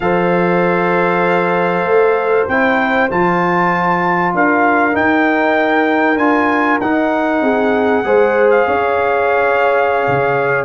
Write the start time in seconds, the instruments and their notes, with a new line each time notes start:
0.00 tuba F3, trombone A4, horn C5, trumpet F5
1.83 tuba A3
2.47 tuba C4, trombone E4, trumpet G5
3.10 tuba F3, trombone F4, trumpet A5
4.33 tuba D4, horn A#4, trumpet F5
4.92 trombone D#4, tuba D#4, trumpet G5
6.16 tuba D4, trombone F4, trumpet G#5
6.80 tuba D#4, trombone D#4, trumpet F#5
7.41 tuba C4, horn G#4
8.03 tuba G#3, trombone G#4, horn C5
8.50 trumpet F5
8.67 tuba C#4, horn C#5
10.07 tuba C#3